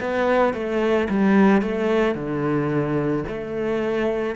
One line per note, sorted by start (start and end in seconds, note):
0.00 0.54 B3
0.54 1.08 A3
1.09 1.62 G3
1.62 2.15 A3
2.15 3.24 D3
3.28 4.36 A3